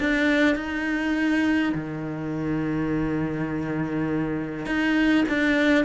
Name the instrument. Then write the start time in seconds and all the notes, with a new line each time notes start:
cello
0.00 D4
0.55 D#4
1.75 D#3
4.66 D#4
5.29 D4